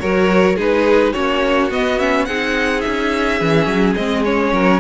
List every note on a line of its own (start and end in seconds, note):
0.00 0.57 F#3
0.00 0.58 F#4
0.00 0.56 A#4
0.00 0.57 C#5
0.56 1.15 G#3
0.56 1.14 D#4
0.56 1.13 G#4
0.56 1.13 B4
1.13 1.71 A#3
1.13 1.71 C#4
1.13 2.26 F#4
1.13 1.70 C#5
1.71 1.99 B3
1.71 2.28 B3
1.71 2.00 D#5
1.99 2.27 C#4
1.99 2.26 E5
2.26 2.85 C4
2.26 3.41 D#4
2.26 4.53 G#4
2.26 2.81 F#5
2.81 3.41 C#4
2.81 3.94 E5
3.41 3.67 E3
3.41 3.98 C#4
3.67 3.95 F#3
3.95 4.53 G#3
3.95 4.25 C4
3.95 4.24 D#5
4.25 4.81 C#4
4.25 4.81 C#5
4.53 4.81 F#3
4.53 4.81 A#4